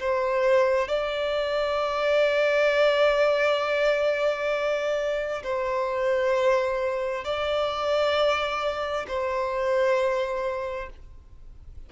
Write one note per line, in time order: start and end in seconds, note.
0.00 0.88 C5
0.88 5.43 D5
5.43 7.24 C5
7.24 9.06 D5
9.08 10.90 C5